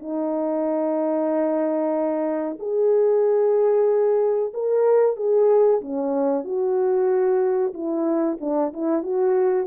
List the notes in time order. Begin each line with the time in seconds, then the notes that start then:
0.00 D#4
2.60 G#4
4.54 A#4
5.17 G#4
5.82 C#4
6.45 F#4
7.74 E4
8.41 D4
8.74 E4
9.04 F#4